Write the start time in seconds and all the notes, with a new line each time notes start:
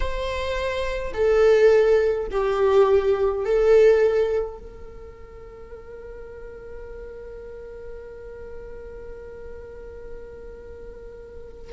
0.00 C5
1.13 A4
2.31 G4
3.44 A4
4.58 A#4